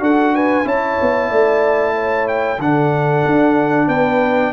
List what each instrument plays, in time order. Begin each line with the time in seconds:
0.00 tuba D4, trombone F#4, horn A4, trumpet F#5
0.35 horn B4, trumpet G#5
0.65 tuba C#4, trombone E4, horn C#5, trumpet A5
1.01 tuba B3
1.29 tuba A3, horn D5
1.95 horn C#5
2.28 trumpet G5
2.59 tuba D3, trombone D4, horn A4, trumpet F#5
3.26 tuba D4
3.87 tuba B3, horn B4, trumpet G5